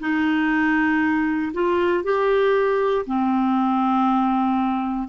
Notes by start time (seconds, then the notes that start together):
0.00 D#4
1.53 F4
2.04 G4
3.06 C4